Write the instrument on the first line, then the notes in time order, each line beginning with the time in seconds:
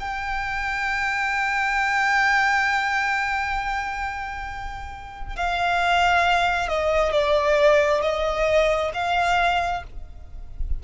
violin
0.00 G5
5.36 F5
6.68 D#5
7.12 D5
8.02 D#5
8.94 F5